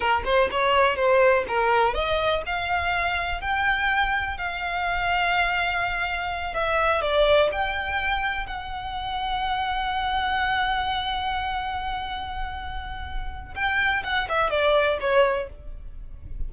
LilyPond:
\new Staff \with { instrumentName = "violin" } { \time 4/4 \tempo 4 = 124 ais'8 c''8 cis''4 c''4 ais'4 | dis''4 f''2 g''4~ | g''4 f''2.~ | f''4. e''4 d''4 g''8~ |
g''4. fis''2~ fis''8~ | fis''1~ | fis''1 | g''4 fis''8 e''8 d''4 cis''4 | }